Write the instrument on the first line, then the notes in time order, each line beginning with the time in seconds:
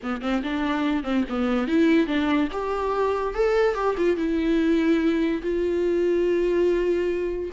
viola
0.02 B3
0.21 C4
0.43 D4
1.03 C4
1.29 B3
1.67 E4
2.06 D4
2.52 G4
3.34 A4
3.74 G4
3.97 F4
4.16 E4
5.42 F4